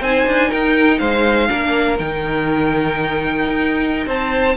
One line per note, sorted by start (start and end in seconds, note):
0.00 0.25 C4
0.00 1.48 D#4
0.00 0.48 C5
0.00 0.51 G#5
0.26 0.51 D4
0.48 1.00 D#4
0.48 0.97 A#4
0.48 0.98 G5
0.98 1.49 G#3
0.98 1.48 C5
0.98 1.97 F5
1.48 1.99 A#3
1.48 1.97 D4
1.48 4.06 A#4
1.98 3.46 D#3
1.98 4.56 D#4
1.98 4.07 G5
3.46 4.06 D#4
4.06 4.55 C4
4.06 4.56 C5
4.06 4.56 A5